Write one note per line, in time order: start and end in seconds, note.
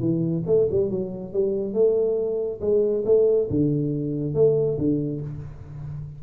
0.00 0.43 E3
0.46 0.68 A3
0.70 0.90 G3
0.90 1.33 F#3
1.33 1.73 G3
1.73 2.60 A3
2.61 3.04 G#3
3.05 3.48 A3
3.50 4.34 D3
4.34 4.78 A3
4.78 5.21 D3